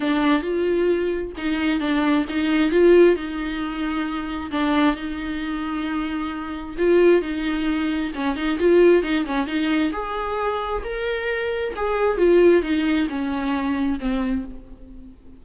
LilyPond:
\new Staff \with { instrumentName = "viola" } { \time 4/4 \tempo 4 = 133 d'4 f'2 dis'4 | d'4 dis'4 f'4 dis'4~ | dis'2 d'4 dis'4~ | dis'2. f'4 |
dis'2 cis'8 dis'8 f'4 | dis'8 cis'8 dis'4 gis'2 | ais'2 gis'4 f'4 | dis'4 cis'2 c'4 | }